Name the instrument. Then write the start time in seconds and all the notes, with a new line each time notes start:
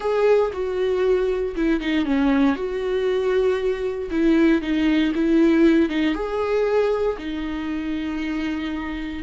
viola
0.00 G#4
0.52 F#4
1.56 E4
1.80 D#4
2.05 C#4
2.55 F#4
4.10 E4
4.61 D#4
5.14 E4
5.89 D#4
6.14 G#4
7.17 D#4